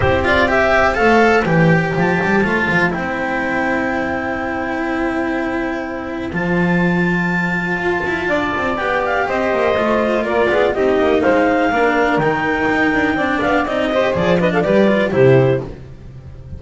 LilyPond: <<
  \new Staff \with { instrumentName = "clarinet" } { \time 4/4 \tempo 4 = 123 c''8 d''8 e''4 f''4 g''4 | a''2 g''2~ | g''1~ | g''4 a''2.~ |
a''2 g''8 f''8 dis''4~ | dis''4 d''4 dis''4 f''4~ | f''4 g''2~ g''8 f''8 | dis''4 d''8 dis''16 f''16 d''4 c''4 | }
  \new Staff \with { instrumentName = "saxophone" } { \time 4/4 g'4 c''2.~ | c''1~ | c''1~ | c''1~ |
c''4 d''2 c''4~ | c''4 ais'8 gis'8 g'4 c''4 | ais'2. d''4~ | d''8 c''4 b'16 a'16 b'4 g'4 | }
  \new Staff \with { instrumentName = "cello" } { \time 4/4 e'8 f'8 g'4 a'4 g'4~ | g'4 f'4 e'2~ | e'1~ | e'4 f'2.~ |
f'2 g'2 | f'2 dis'2 | d'4 dis'2 d'4 | dis'8 g'8 gis'8 d'8 g'8 f'8 e'4 | }
  \new Staff \with { instrumentName = "double bass" } { \time 4/4 c'2 a4 e4 | f8 g8 a8 f8 c'2~ | c'1~ | c'4 f2. |
f'8 e'8 d'8 c'8 b4 c'8 ais8 | a4 ais8 b8 c'8 ais8 gis4 | ais4 dis4 dis'8 d'8 c'8 b8 | c'4 f4 g4 c4 | }
>>